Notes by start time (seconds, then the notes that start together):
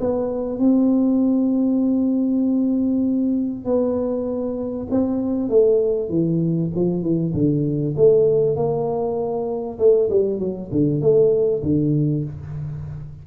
0.00 B3
0.59 C4
3.65 B3
4.90 C4
5.49 A3
6.09 E3
6.75 F3
7.02 E3
7.34 D3
7.96 A3
8.56 A#3
9.78 A3
10.10 G3
10.39 F#3
10.72 D3
11.01 A3
11.62 D3